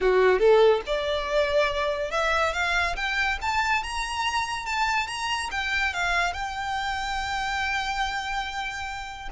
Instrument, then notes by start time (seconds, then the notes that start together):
violin
0.00 F#4
0.39 A4
0.86 D5
2.11 E5
2.53 F5
2.96 G5
3.41 A5
3.83 A#5
4.66 A5
5.07 A#5
5.51 G5
5.93 F5
6.33 G5